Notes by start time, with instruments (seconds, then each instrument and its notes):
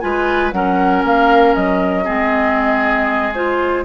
0.00 bassoon G#3, clarinet F4, oboe B4, flute G#5
0.52 bassoon F#3, clarinet C#4, oboe A#4, flute F#5
1.03 bassoon A#3, flute F5
1.54 bassoon F#3, flute D#5
2.04 bassoon G#3, clarinet C4, oboe G#4
3.34 clarinet F4, flute C5